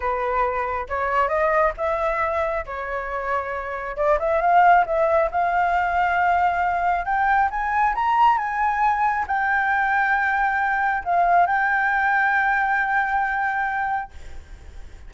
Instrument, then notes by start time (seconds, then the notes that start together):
flute
0.00 B4
0.88 C#5
1.28 D#5
1.77 E5
2.66 C#5
3.96 D5
4.19 E5
4.41 F5
4.85 E5
5.31 F5
7.05 G5
7.50 G#5
7.94 A#5
8.37 G#5
9.27 G5
11.04 F5
11.46 G5